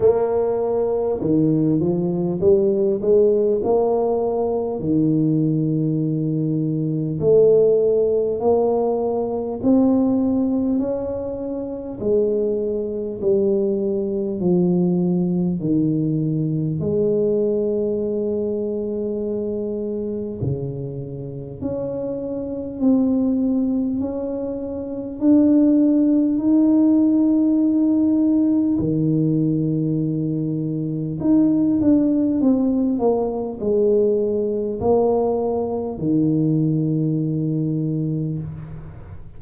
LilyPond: \new Staff \with { instrumentName = "tuba" } { \time 4/4 \tempo 4 = 50 ais4 dis8 f8 g8 gis8 ais4 | dis2 a4 ais4 | c'4 cis'4 gis4 g4 | f4 dis4 gis2~ |
gis4 cis4 cis'4 c'4 | cis'4 d'4 dis'2 | dis2 dis'8 d'8 c'8 ais8 | gis4 ais4 dis2 | }